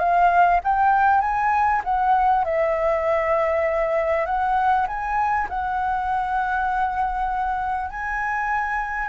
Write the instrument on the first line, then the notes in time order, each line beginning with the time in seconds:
flute
0.00 F5
0.64 G5
1.21 G#5
1.85 F#5
2.45 E5
4.26 F#5
4.88 G#5
5.50 F#5
7.91 G#5